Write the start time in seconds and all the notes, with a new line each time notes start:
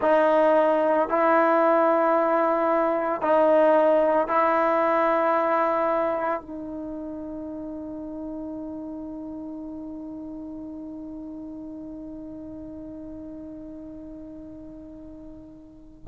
0.01 D#4
1.08 E4
3.21 D#4
4.27 E4
6.40 D#4